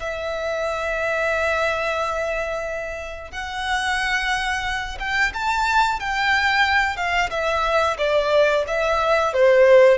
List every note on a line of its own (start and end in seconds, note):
0.00 3.32 E5
3.32 4.98 F#5
5.00 5.33 G5
5.34 6.00 A5
6.00 6.97 G5
6.97 7.30 F5
7.30 7.97 E5
7.98 8.65 D5
8.68 9.33 E5
9.33 9.98 C5